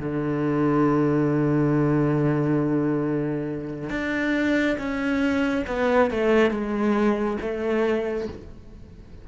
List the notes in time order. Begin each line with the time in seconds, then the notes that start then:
0.00 D3
3.90 D4
4.79 C#4
5.68 B3
6.11 A3
6.51 G#3
7.42 A3